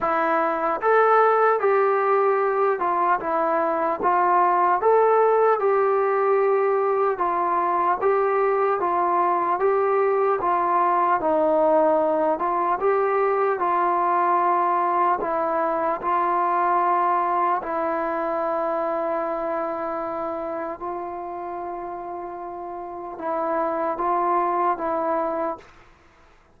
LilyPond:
\new Staff \with { instrumentName = "trombone" } { \time 4/4 \tempo 4 = 75 e'4 a'4 g'4. f'8 | e'4 f'4 a'4 g'4~ | g'4 f'4 g'4 f'4 | g'4 f'4 dis'4. f'8 |
g'4 f'2 e'4 | f'2 e'2~ | e'2 f'2~ | f'4 e'4 f'4 e'4 | }